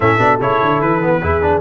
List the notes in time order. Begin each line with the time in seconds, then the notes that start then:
0.00 A2 C#4 A4 E5
0.18 B2 D4
0.39 C#3 E4 C#5
0.62 D3
0.81 E3 B4
1.01 B3
1.22 E2 E4 G#4
1.41 D4